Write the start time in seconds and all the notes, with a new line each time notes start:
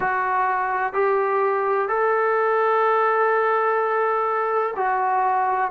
0.00 F#4
0.93 G4
1.88 A4
4.76 F#4